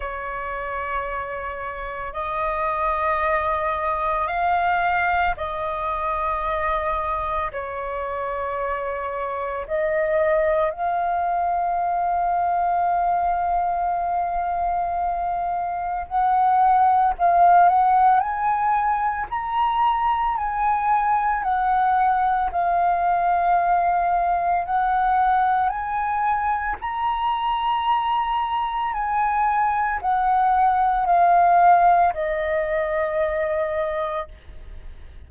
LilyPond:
\new Staff \with { instrumentName = "flute" } { \time 4/4 \tempo 4 = 56 cis''2 dis''2 | f''4 dis''2 cis''4~ | cis''4 dis''4 f''2~ | f''2. fis''4 |
f''8 fis''8 gis''4 ais''4 gis''4 | fis''4 f''2 fis''4 | gis''4 ais''2 gis''4 | fis''4 f''4 dis''2 | }